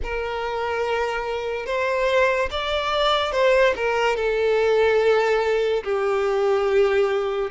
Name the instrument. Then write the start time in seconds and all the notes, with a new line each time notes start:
violin
0.03 A#4
1.66 C5
2.50 D5
3.32 C5
3.76 A#4
4.16 A4
5.83 G4